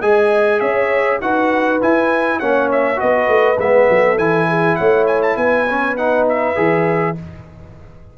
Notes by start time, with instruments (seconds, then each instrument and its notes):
0.00 tuba G#3, trombone G#4, horn D#5, trumpet G#5
0.60 tuba C#4, horn C#5, trumpet E5
1.21 tuba D#4, trombone F#4, horn B4, trumpet F#5
1.81 trombone E4, tuba E4, trumpet G#5
2.39 tuba A#3, trombone C#4, horn C#5, trumpet F#5
2.71 trumpet E5
2.96 trombone F#4, horn B4, trumpet D#5
3.02 tuba B3
3.28 tuba A3
3.58 tuba G#3, trombone B3, trumpet E5
3.89 tuba F#3, horn A4
4.17 tuba E3, trombone E4, trumpet G#5
4.48 horn G#4
4.75 tuba A3, horn C#5, trumpet F#5
5.07 trumpet G#5
5.22 trumpet A5
5.36 tuba B3, horn B4, trumpet G#5
5.69 trombone C#4
5.97 trombone D#4, trumpet F#5
6.28 trumpet E5
6.55 tuba E3, trombone G#4